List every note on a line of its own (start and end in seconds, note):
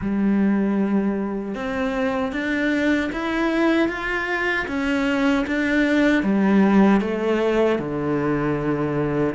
0.01 1.54 G3
1.54 2.32 C4
2.32 3.10 D4
3.12 3.88 E4
3.88 4.66 F4
4.68 5.45 C#4
5.46 6.23 D4
6.23 7.00 G3
7.00 7.78 A3
7.78 9.34 D3